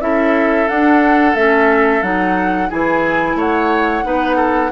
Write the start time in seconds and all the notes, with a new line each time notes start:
0.00 C#4 E4 A4 E5
0.69 D4 F#5
1.35 A3 C#4 E5
2.02 F#3 D#4 F#5
2.69 E3 E4 G#4 G#5
3.35 A3 C#5 F#5
4.03 B3 D#4 B4
4.36 A4